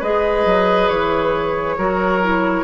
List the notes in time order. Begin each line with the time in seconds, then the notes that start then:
0.00 G#3 G#4 B4 D#5
0.46 F#3
0.89 E3 C#5
1.78 F#3 F#4 A#4
2.23 E4